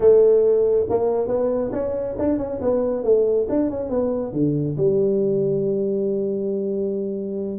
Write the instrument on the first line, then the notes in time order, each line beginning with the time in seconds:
tuba
0.00 A3
0.89 A#3
1.27 B3
1.72 C#4
2.18 D4
2.38 C#4
2.61 B3
3.03 A3
3.49 D4
3.70 C#4
3.89 B3
4.32 D3
4.77 G3